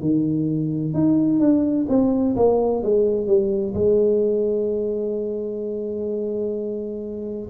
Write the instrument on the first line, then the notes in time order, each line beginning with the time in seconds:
tuba
0.00 D#3
0.93 D#4
1.39 D4
1.88 C4
2.36 A#3
2.82 G#3
3.26 G3
3.74 G#3